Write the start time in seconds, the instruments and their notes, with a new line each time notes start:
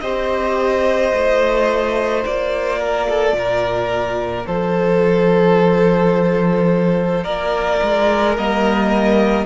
0.00 cello C4, viola G4, violin C5 D#5
1.13 cello A3, viola F4
2.25 cello A#3, violin D5
2.79 violin A#4
3.09 violin A4
3.33 cello A#2, violin A#4
4.46 cello F3, violin A4 C5
7.24 cello A#3, violin A#4 D5
7.82 cello G#3
8.37 cello G3, viola A#3, violin D#5